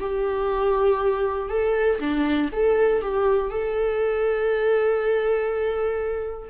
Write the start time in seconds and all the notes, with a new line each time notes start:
0.00 G4
1.49 A4
2.00 D4
2.52 A4
3.02 G4
3.50 A4